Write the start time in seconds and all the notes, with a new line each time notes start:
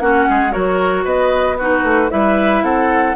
0.00 A#3 C#4 F#4 F#5
0.29 G#3 G#4
0.51 F#3 F#4 A#4 C#5
1.04 B3 B4 D#5
1.58 D#4 F#4 B4
1.84 A3
2.10 G3 E4 B4 E5
2.63 C4 A4 F#5